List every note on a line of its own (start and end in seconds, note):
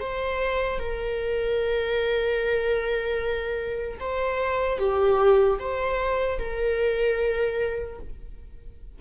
0.00 0.79 C5
0.79 3.99 A#4
4.00 4.79 C5
4.79 5.59 G4
5.59 6.39 C5
6.39 7.99 A#4